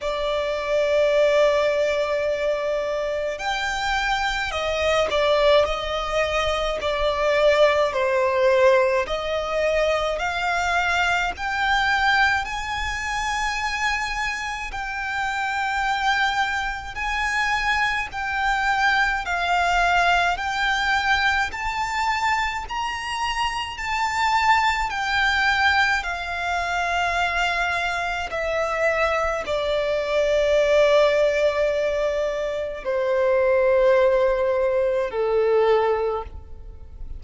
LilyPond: \new Staff \with { instrumentName = "violin" } { \time 4/4 \tempo 4 = 53 d''2. g''4 | dis''8 d''8 dis''4 d''4 c''4 | dis''4 f''4 g''4 gis''4~ | gis''4 g''2 gis''4 |
g''4 f''4 g''4 a''4 | ais''4 a''4 g''4 f''4~ | f''4 e''4 d''2~ | d''4 c''2 a'4 | }